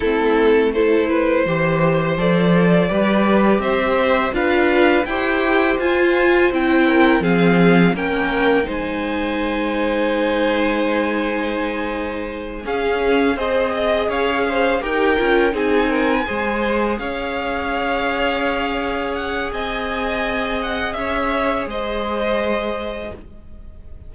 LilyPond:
<<
  \new Staff \with { instrumentName = "violin" } { \time 4/4 \tempo 4 = 83 a'4 c''2 d''4~ | d''4 e''4 f''4 g''4 | gis''4 g''4 f''4 g''4 | gis''1~ |
gis''4. f''4 dis''4 f''8~ | f''8 g''4 gis''2 f''8~ | f''2~ f''8 fis''8 gis''4~ | gis''8 fis''8 e''4 dis''2 | }
  \new Staff \with { instrumentName = "violin" } { \time 4/4 e'4 a'8 b'8 c''2 | b'4 c''4 b'4 c''4~ | c''4. ais'8 gis'4 ais'4 | c''1~ |
c''4. gis'4 c''8 dis''8 cis''8 | c''8 ais'4 gis'8 ais'8 c''4 cis''8~ | cis''2. dis''4~ | dis''4 cis''4 c''2 | }
  \new Staff \with { instrumentName = "viola" } { \time 4/4 c'4 e'4 g'4 a'4 | g'2 f'4 g'4 | f'4 e'4 c'4 cis'4 | dis'1~ |
dis'4. cis'4 gis'4.~ | gis'8 g'8 f'8 dis'4 gis'4.~ | gis'1~ | gis'1 | }
  \new Staff \with { instrumentName = "cello" } { \time 4/4 a2 e4 f4 | g4 c'4 d'4 e'4 | f'4 c'4 f4 ais4 | gis1~ |
gis4. cis'4 c'4 cis'8~ | cis'8 dis'8 cis'8 c'4 gis4 cis'8~ | cis'2. c'4~ | c'4 cis'4 gis2 | }
>>